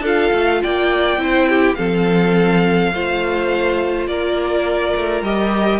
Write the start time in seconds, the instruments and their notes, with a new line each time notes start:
0.00 cello D4, viola F4, violin A4
0.06 violin F5
0.33 cello A3
0.63 cello A#3, violin D5 G5
1.17 cello C4, viola E4, violin C5
1.48 violin G4
1.74 cello F3, viola C4, violin A4 F5
2.92 cello A3, viola F4, violin C5
4.07 cello A#3, violin A#4 D5
4.96 cello A3
5.22 cello G3, viola G4, violin D#5